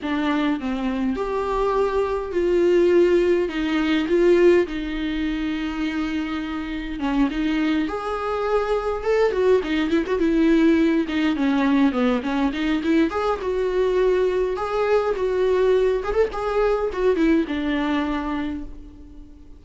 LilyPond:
\new Staff \with { instrumentName = "viola" } { \time 4/4 \tempo 4 = 103 d'4 c'4 g'2 | f'2 dis'4 f'4 | dis'1 | cis'8 dis'4 gis'2 a'8 |
fis'8 dis'8 e'16 fis'16 e'4. dis'8 cis'8~ | cis'8 b8 cis'8 dis'8 e'8 gis'8 fis'4~ | fis'4 gis'4 fis'4. gis'16 a'16 | gis'4 fis'8 e'8 d'2 | }